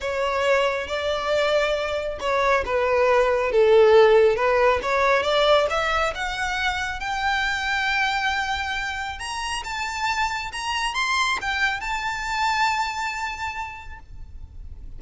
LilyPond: \new Staff \with { instrumentName = "violin" } { \time 4/4 \tempo 4 = 137 cis''2 d''2~ | d''4 cis''4 b'2 | a'2 b'4 cis''4 | d''4 e''4 fis''2 |
g''1~ | g''4 ais''4 a''2 | ais''4 c'''4 g''4 a''4~ | a''1 | }